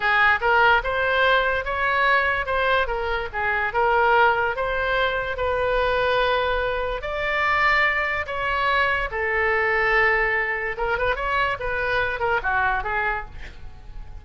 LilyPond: \new Staff \with { instrumentName = "oboe" } { \time 4/4 \tempo 4 = 145 gis'4 ais'4 c''2 | cis''2 c''4 ais'4 | gis'4 ais'2 c''4~ | c''4 b'2.~ |
b'4 d''2. | cis''2 a'2~ | a'2 ais'8 b'8 cis''4 | b'4. ais'8 fis'4 gis'4 | }